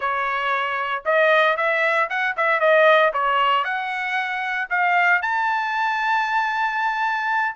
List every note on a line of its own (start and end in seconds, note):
0.00 1.03 C#5
1.05 1.57 D#5
1.57 2.09 E5
2.09 2.35 F#5
2.36 2.59 E5
2.59 3.12 D#5
3.13 3.64 C#5
3.64 4.68 F#5
4.69 5.22 F5
5.22 7.55 A5